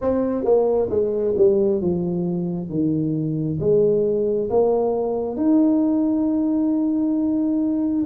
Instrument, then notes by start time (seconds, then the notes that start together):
tuba
0.01 C4
0.44 A#3
0.90 G#3
1.37 G3
1.81 F3
2.69 D#3
3.60 G#3
4.49 A#3
5.36 D#4